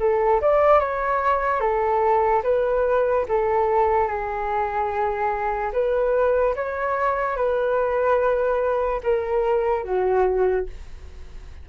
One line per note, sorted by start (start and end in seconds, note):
0.00 0.41 A4
0.42 0.80 D5
0.80 1.61 C#5
1.61 2.43 A4
2.44 3.26 B4
3.29 4.08 A4
4.08 5.72 G#4
5.73 6.55 B4
6.56 7.37 C#5
7.37 9.01 B4
9.04 9.85 A#4
9.85 10.67 F#4